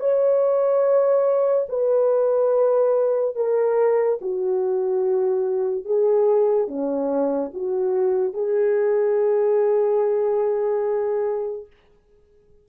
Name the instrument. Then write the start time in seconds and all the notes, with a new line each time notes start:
horn
0.00 C#5
1.69 B4
3.36 A#4
4.21 F#4
5.84 G#4
6.67 C#4
7.53 F#4
8.33 G#4